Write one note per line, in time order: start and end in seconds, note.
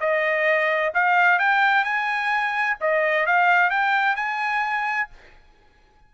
0.00 0.93 D#5
0.94 1.39 F5
1.39 1.84 G5
1.84 2.77 G#5
2.80 3.26 D#5
3.26 3.70 F5
3.70 4.16 G5
4.16 5.09 G#5